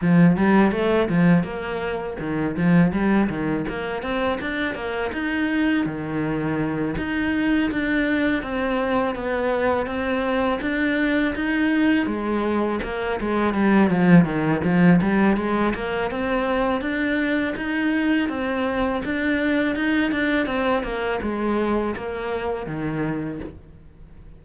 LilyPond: \new Staff \with { instrumentName = "cello" } { \time 4/4 \tempo 4 = 82 f8 g8 a8 f8 ais4 dis8 f8 | g8 dis8 ais8 c'8 d'8 ais8 dis'4 | dis4. dis'4 d'4 c'8~ | c'8 b4 c'4 d'4 dis'8~ |
dis'8 gis4 ais8 gis8 g8 f8 dis8 | f8 g8 gis8 ais8 c'4 d'4 | dis'4 c'4 d'4 dis'8 d'8 | c'8 ais8 gis4 ais4 dis4 | }